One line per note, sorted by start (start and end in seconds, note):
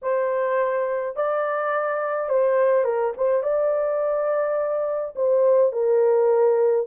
0.02 1.16 C5
1.16 2.29 D5
2.29 2.84 C5
2.84 3.12 A#4
3.17 3.42 C5
3.42 5.14 D5
5.15 5.72 C5
5.72 6.86 A#4